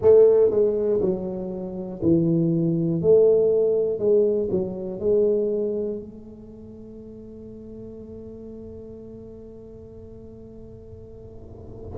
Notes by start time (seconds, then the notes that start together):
0.01 A3
0.50 G#3
1.00 F#3
2.02 E3
3.01 A3
3.98 G#3
4.50 F#3
4.99 G#3
5.99 A3